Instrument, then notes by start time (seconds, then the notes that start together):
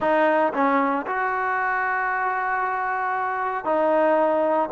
trombone
0.00 D#4
0.53 C#4
1.06 F#4
3.64 D#4